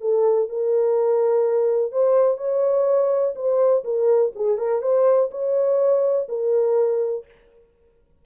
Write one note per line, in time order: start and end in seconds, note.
0.00 0.48 A4
0.48 1.91 A#4
1.91 2.37 C5
2.37 3.34 C#5
3.35 3.83 C5
3.84 4.32 A#4
4.35 4.57 G#4
4.57 4.81 A#4
4.81 5.30 C5
5.31 6.27 C#5
6.28 7.25 A#4